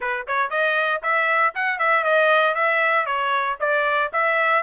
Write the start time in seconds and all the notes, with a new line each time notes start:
0.00 B4
0.27 C#5
0.50 D#5
1.02 E5
1.55 F#5
1.78 E5
2.03 D#5
2.55 E5
3.06 C#5
3.59 D5
4.12 E5